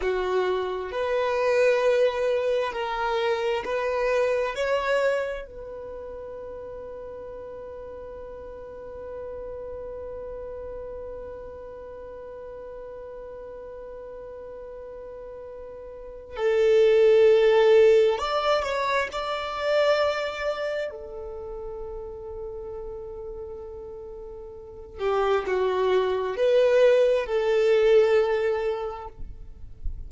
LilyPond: \new Staff \with { instrumentName = "violin" } { \time 4/4 \tempo 4 = 66 fis'4 b'2 ais'4 | b'4 cis''4 b'2~ | b'1~ | b'1~ |
b'2 a'2 | d''8 cis''8 d''2 a'4~ | a'2.~ a'8 g'8 | fis'4 b'4 a'2 | }